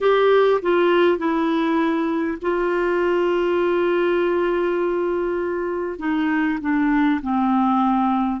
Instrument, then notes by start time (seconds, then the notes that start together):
clarinet
0.01 G4
0.62 F4
1.17 E4
2.41 F4
5.98 D#4
6.61 D4
7.22 C4